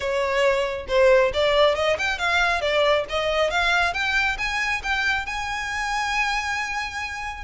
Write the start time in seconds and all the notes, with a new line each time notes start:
0.00 C#5
0.88 C5
1.33 D5
1.75 D#5
1.98 G5
2.18 F5
2.61 D5
3.09 D#5
3.50 F5
3.93 G5
4.38 G#5
4.83 G5
5.26 G#5